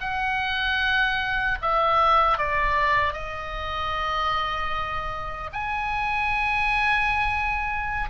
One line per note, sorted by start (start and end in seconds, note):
0.00 1.58 F#5
1.61 2.38 E5
2.38 3.13 D5
3.13 5.50 D#5
5.53 8.09 G#5